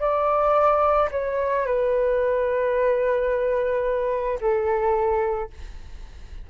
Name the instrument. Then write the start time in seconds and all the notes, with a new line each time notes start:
flute
0.00 D5
1.12 C#5
1.66 B4
4.41 A4